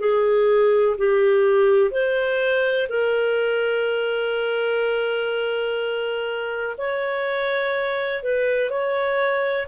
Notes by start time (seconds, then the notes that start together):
0.00 G#4
0.98 G4
1.91 C5
2.89 A#4
6.78 C#5
8.23 B4
8.70 C#5